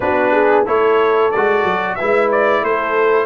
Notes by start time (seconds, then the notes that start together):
0.00 B3 D4 F#4 B4
0.31 G#4
0.64 A3 E4 A4 C#5
1.31 G#3 F#4 D5
1.63 F#3
1.95 E4 B4 E5
2.01 G#3
2.31 D5
2.61 A3 A4 C5